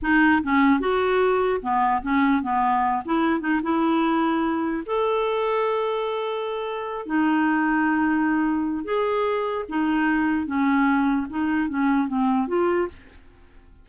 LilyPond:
\new Staff \with { instrumentName = "clarinet" } { \time 4/4 \tempo 4 = 149 dis'4 cis'4 fis'2 | b4 cis'4 b4. e'8~ | e'8 dis'8 e'2. | a'1~ |
a'4. dis'2~ dis'8~ | dis'2 gis'2 | dis'2 cis'2 | dis'4 cis'4 c'4 f'4 | }